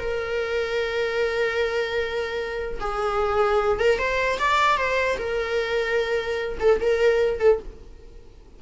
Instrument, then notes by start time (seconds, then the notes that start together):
viola
0.00 A#4
2.81 G#4
3.80 A#4
3.99 C5
4.39 D5
4.78 C5
5.19 A#4
6.60 A4
6.81 A#4
7.40 A4